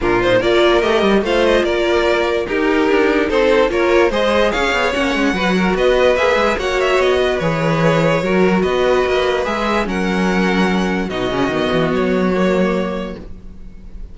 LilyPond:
<<
  \new Staff \with { instrumentName = "violin" } { \time 4/4 \tempo 4 = 146 ais'8 c''8 d''4 dis''4 f''8 dis''8 | d''2 ais'2 | c''4 cis''4 dis''4 f''4 | fis''2 dis''4 e''4 |
fis''8 e''8 dis''4 cis''2~ | cis''4 dis''2 e''4 | fis''2. dis''4~ | dis''4 cis''2. | }
  \new Staff \with { instrumentName = "violin" } { \time 4/4 f'4 ais'2 c''4 | ais'2 g'2 | a'4 ais'4 c''4 cis''4~ | cis''4 b'8 ais'8 b'2 |
cis''4. b'2~ b'8 | ais'4 b'2. | ais'2. fis'4~ | fis'1 | }
  \new Staff \with { instrumentName = "viola" } { \time 4/4 d'8 dis'8 f'4 g'4 f'4~ | f'2 dis'2~ | dis'4 f'4 gis'2 | cis'4 fis'2 gis'4 |
fis'2 gis'2 | fis'2. gis'4 | cis'2. dis'8 cis'8 | b2 ais2 | }
  \new Staff \with { instrumentName = "cello" } { \time 4/4 ais,4 ais4 a8 g8 a4 | ais2 dis'4 d'4 | c'4 ais4 gis4 cis'8 b8 | ais8 gis8 fis4 b4 ais8 gis8 |
ais4 b4 e2 | fis4 b4 ais4 gis4 | fis2. b,8 cis8 | dis8 e8 fis2. | }
>>